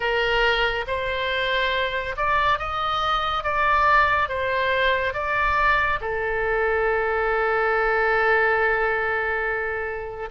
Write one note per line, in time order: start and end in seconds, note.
0.00 0.85 A#4
0.87 2.15 C5
2.17 2.59 D5
2.59 3.43 D#5
3.43 4.28 D5
4.28 5.13 C5
5.13 5.99 D5
6.00 10.29 A4